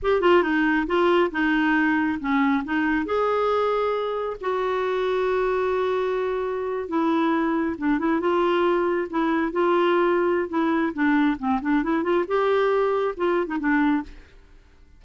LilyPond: \new Staff \with { instrumentName = "clarinet" } { \time 4/4 \tempo 4 = 137 g'8 f'8 dis'4 f'4 dis'4~ | dis'4 cis'4 dis'4 gis'4~ | gis'2 fis'2~ | fis'2.~ fis'8. e'16~ |
e'4.~ e'16 d'8 e'8 f'4~ f'16~ | f'8. e'4 f'2~ f'16 | e'4 d'4 c'8 d'8 e'8 f'8 | g'2 f'8. dis'16 d'4 | }